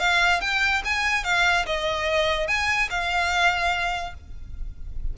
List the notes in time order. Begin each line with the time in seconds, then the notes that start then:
0.00 F5
0.41 G5
0.85 G#5
1.25 F5
1.67 D#5
2.48 G#5
2.90 F5